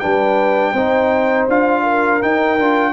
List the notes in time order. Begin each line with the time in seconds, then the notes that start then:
0.00 G3 D4 B4 G5
0.72 C4 D#4 C5
1.49 D4 F4 F5
1.83 A#4
2.22 D#4 G5
2.58 D4 F4